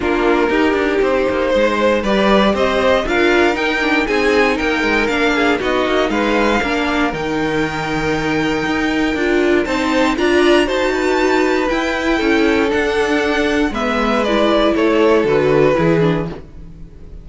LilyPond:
<<
  \new Staff \with { instrumentName = "violin" } { \time 4/4 \tempo 4 = 118 ais'2 c''2 | d''4 dis''4 f''4 g''4 | gis''4 g''4 f''4 dis''4 | f''2 g''2~ |
g''2. a''4 | ais''4 a''2 g''4~ | g''4 fis''2 e''4 | d''4 cis''4 b'2 | }
  \new Staff \with { instrumentName = "violin" } { \time 4/4 f'4 g'2 c''4 | b'4 c''4 ais'2 | gis'4 ais'4. gis'8 fis'4 | b'4 ais'2.~ |
ais'2. c''4 | d''4 c''8 b'2~ b'8 | a'2. b'4~ | b'4 a'2 gis'4 | }
  \new Staff \with { instrumentName = "viola" } { \time 4/4 d'4 dis'2. | g'2 f'4 dis'8 d'8 | dis'2 d'4 dis'4~ | dis'4 d'4 dis'2~ |
dis'2 f'4 dis'4 | f'4 fis'2 e'4~ | e'4 d'2 b4 | e'2 fis'4 e'8 d'8 | }
  \new Staff \with { instrumentName = "cello" } { \time 4/4 ais4 dis'8 d'8 c'8 ais8 gis4 | g4 c'4 d'4 dis'4 | c'4 ais8 gis8 ais4 b8 ais8 | gis4 ais4 dis2~ |
dis4 dis'4 d'4 c'4 | d'4 dis'2 e'4 | cis'4 d'2 gis4~ | gis4 a4 d4 e4 | }
>>